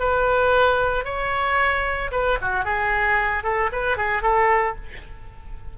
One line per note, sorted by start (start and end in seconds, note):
0.00 1.05 B4
1.05 2.11 C#5
2.12 2.38 B4
2.42 2.65 F#4
2.65 3.44 G#4
3.44 3.70 A4
3.72 3.97 B4
3.97 4.23 G#4
4.23 4.76 A4